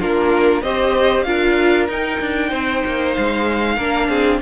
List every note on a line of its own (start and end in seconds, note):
0.00 0.62 A#3
0.00 0.64 D4
0.00 0.63 F4
0.00 0.63 A#4
0.62 1.26 C4
0.62 1.26 G4
0.62 1.26 C5
0.62 1.23 D#5
1.23 1.89 D4
1.23 1.89 F4
1.23 2.50 A#4
1.23 1.87 F5
1.89 2.20 D#4
1.89 3.79 D#4
1.89 3.14 G5
2.21 2.52 D4
2.50 2.84 C4
2.50 3.76 C5
2.86 3.17 A#3
3.14 3.78 G#3
3.14 4.40 F5
3.76 4.09 A#3
3.76 4.42 D4
3.76 4.08 A#4
4.09 4.41 C4
4.09 4.41 G#4